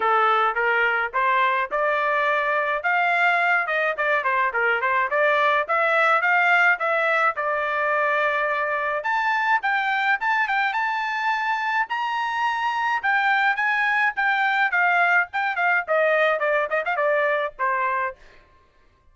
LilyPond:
\new Staff \with { instrumentName = "trumpet" } { \time 4/4 \tempo 4 = 106 a'4 ais'4 c''4 d''4~ | d''4 f''4. dis''8 d''8 c''8 | ais'8 c''8 d''4 e''4 f''4 | e''4 d''2. |
a''4 g''4 a''8 g''8 a''4~ | a''4 ais''2 g''4 | gis''4 g''4 f''4 g''8 f''8 | dis''4 d''8 dis''16 f''16 d''4 c''4 | }